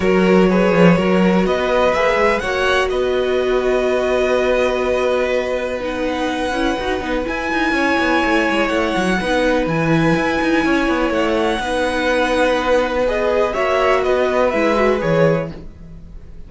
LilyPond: <<
  \new Staff \with { instrumentName = "violin" } { \time 4/4 \tempo 4 = 124 cis''2. dis''4 | e''4 fis''4 dis''2~ | dis''1 | fis''2. gis''4~ |
gis''2 fis''2 | gis''2. fis''4~ | fis''2. dis''4 | e''4 dis''4 e''4 cis''4 | }
  \new Staff \with { instrumentName = "violin" } { \time 4/4 ais'4 b'4 ais'4 b'4~ | b'4 cis''4 b'2~ | b'1~ | b'1 |
cis''2. b'4~ | b'2 cis''2 | b'1 | cis''4 b'2. | }
  \new Staff \with { instrumentName = "viola" } { \time 4/4 fis'4 gis'4 fis'2 | gis'4 fis'2.~ | fis'1 | dis'4. e'8 fis'8 dis'8 e'4~ |
e'2. dis'4 | e'1 | dis'2. gis'4 | fis'2 e'8 fis'8 gis'4 | }
  \new Staff \with { instrumentName = "cello" } { \time 4/4 fis4. f8 fis4 b4 | ais8 gis8 ais4 b2~ | b1~ | b4. cis'8 dis'8 b8 e'8 dis'8 |
cis'8 b8 a8 gis8 a8 fis8 b4 | e4 e'8 dis'8 cis'8 b8 a4 | b1 | ais4 b4 gis4 e4 | }
>>